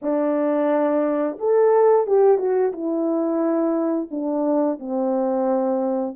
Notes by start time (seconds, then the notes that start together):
0.02 D4
1.38 A4
2.06 G4
2.38 F#4
2.72 E4
4.11 D4
4.79 C4